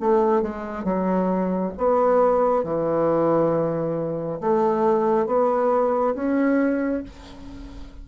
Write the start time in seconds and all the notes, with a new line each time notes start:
0.00 A3
0.42 G#3
0.84 F#3
1.77 B3
2.64 E3
4.40 A3
5.26 B3
6.15 C#4